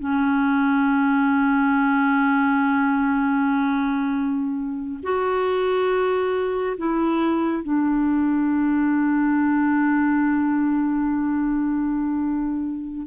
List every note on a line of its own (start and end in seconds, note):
0.00 5.00 C#4
5.03 6.77 F#4
6.78 7.63 E4
7.63 13.07 D4